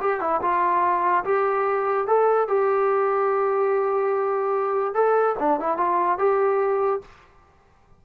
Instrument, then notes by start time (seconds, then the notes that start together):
trombone
0.00 G4
0.20 E4
0.41 F4
1.24 G4
2.07 A4
2.48 G4
4.94 A4
5.39 D4
5.60 E4
5.77 F4
6.18 G4